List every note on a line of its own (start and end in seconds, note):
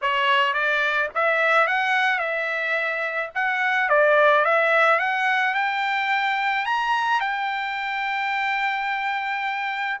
0.01 0.53 C#5
0.53 1.09 D5
1.14 1.67 E5
1.67 2.18 F#5
2.18 3.30 E5
3.34 3.89 F#5
3.89 4.44 D5
4.44 4.99 E5
4.99 5.54 F#5
5.54 6.65 G5
6.65 7.20 A#5
7.20 9.98 G5